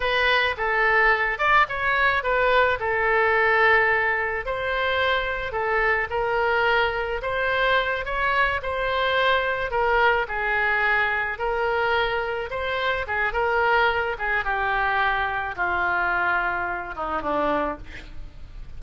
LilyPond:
\new Staff \with { instrumentName = "oboe" } { \time 4/4 \tempo 4 = 108 b'4 a'4. d''8 cis''4 | b'4 a'2. | c''2 a'4 ais'4~ | ais'4 c''4. cis''4 c''8~ |
c''4. ais'4 gis'4.~ | gis'8 ais'2 c''4 gis'8 | ais'4. gis'8 g'2 | f'2~ f'8 dis'8 d'4 | }